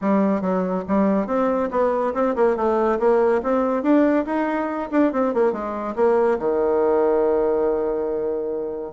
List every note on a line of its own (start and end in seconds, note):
0.01 0.41 G3
0.41 0.83 F#3
0.88 1.26 G3
1.26 1.69 C4
1.71 2.13 B3
2.14 2.35 C4
2.35 2.56 A#3
2.56 2.98 A3
2.99 3.41 A#3
3.42 3.82 C4
3.82 4.25 D4
4.25 4.89 D#4
4.91 5.12 D4
5.12 5.33 C4
5.33 5.52 A#3
5.52 5.95 G#3
5.95 6.38 A#3
6.38 8.92 D#3